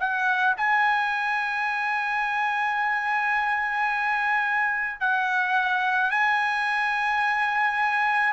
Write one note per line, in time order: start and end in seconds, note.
0.00 0.56 F#5
0.58 5.01 G#5
5.01 6.11 F#5
6.11 8.33 G#5